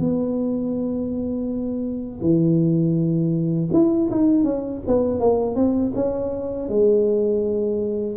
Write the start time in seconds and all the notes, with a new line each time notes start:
0.00 B3
2.21 E3
3.73 E4
4.11 D#4
4.44 C#4
4.87 B3
5.20 A#3
5.56 C4
5.95 C#4
6.69 G#3